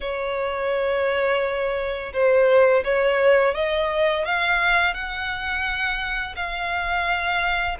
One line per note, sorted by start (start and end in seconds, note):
0.00 2.12 C#5
2.13 2.83 C5
2.84 3.54 C#5
3.54 4.25 D#5
4.25 4.94 F5
4.94 6.35 F#5
6.36 7.77 F5